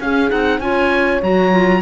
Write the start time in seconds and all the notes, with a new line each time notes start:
0.00 C#4 G#4 F5
0.29 C4 D#4 F#5
0.59 C#4 F4 C#5 G#5
1.22 F#3 F#4 A#5
1.51 F4